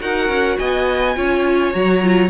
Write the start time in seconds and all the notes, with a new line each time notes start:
0.00 D#4 F#4 A#4 F#5
0.28 C#4
0.58 B3 D#5 G#5
1.15 C#4 F4 C#5
1.72 F#3 F#4 A#5
2.03 F4